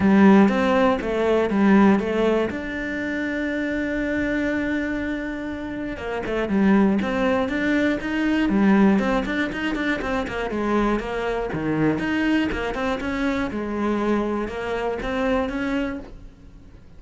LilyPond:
\new Staff \with { instrumentName = "cello" } { \time 4/4 \tempo 4 = 120 g4 c'4 a4 g4 | a4 d'2.~ | d'1 | ais8 a8 g4 c'4 d'4 |
dis'4 g4 c'8 d'8 dis'8 d'8 | c'8 ais8 gis4 ais4 dis4 | dis'4 ais8 c'8 cis'4 gis4~ | gis4 ais4 c'4 cis'4 | }